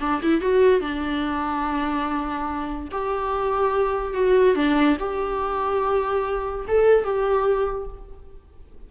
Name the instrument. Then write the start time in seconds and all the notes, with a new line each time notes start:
viola
0.00 D4
0.22 E4
0.41 F#4
0.80 D4
2.91 G4
4.14 F#4
4.55 D4
4.99 G4
6.68 A4
7.04 G4